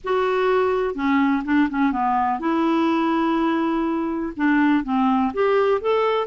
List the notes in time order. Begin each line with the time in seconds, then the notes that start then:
0.04 F#4
0.95 C#4
1.44 D4
1.70 C#4
1.92 B3
2.39 E4
4.36 D4
4.84 C4
5.33 G4
5.81 A4